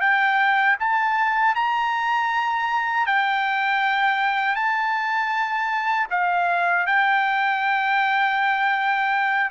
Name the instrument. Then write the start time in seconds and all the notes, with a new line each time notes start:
trumpet
0.00 G5
0.79 A5
1.55 A#5
3.06 G5
4.55 A5
6.10 F5
6.86 G5